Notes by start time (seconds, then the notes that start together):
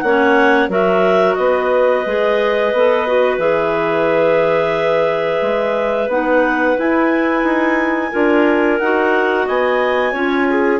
0.00 A#3 C#4 C#5 F#5
0.68 F#3 F#4 A#4 E5
1.34 B3 B4 D#5
2.05 G#3 G#4
2.72 B3 A4
3.07 F#4
3.37 E3 G#4 E5
5.41 G#3
6.08 B3 D#4 F#5
6.77 E4 G#5
7.43 D#4
8.11 D4 F4 A#4
8.79 D#4 F#4 F#5
9.46 B3 D#5 G#5
10.12 C#4 F4 C#5
10.49 G#4